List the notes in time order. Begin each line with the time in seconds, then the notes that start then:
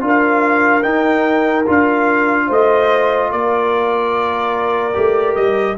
0.00 D4 F4 A#4
0.08 F5
0.83 D#4 G5
1.67 D4 F4 F5
2.47 A3 C5 D#5
3.31 A#3 A#4 D5
4.93 A3 G4
5.35 G3 D#5